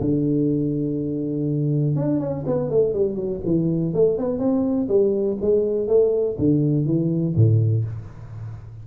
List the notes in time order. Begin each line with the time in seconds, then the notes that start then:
0.00 D3
1.95 D4
2.19 C#4
2.46 B3
2.69 A3
2.93 G3
3.15 F#3
3.44 E3
3.93 A3
4.17 B3
4.39 C4
4.88 G3
5.41 G#3
5.87 A3
6.38 D3
6.85 E3
7.35 A2